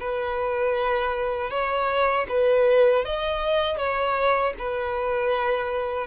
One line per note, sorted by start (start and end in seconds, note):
0.00 1.51 B4
1.51 2.27 C#5
2.29 3.05 B4
3.05 3.78 D#5
3.78 4.54 C#5
4.58 6.07 B4